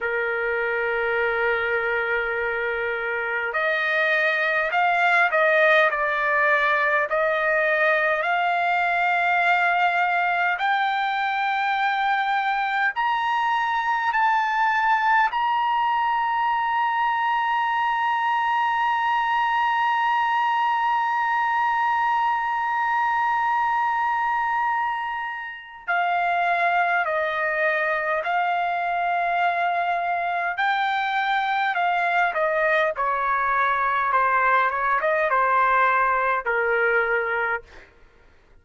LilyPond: \new Staff \with { instrumentName = "trumpet" } { \time 4/4 \tempo 4 = 51 ais'2. dis''4 | f''8 dis''8 d''4 dis''4 f''4~ | f''4 g''2 ais''4 | a''4 ais''2.~ |
ais''1~ | ais''2 f''4 dis''4 | f''2 g''4 f''8 dis''8 | cis''4 c''8 cis''16 dis''16 c''4 ais'4 | }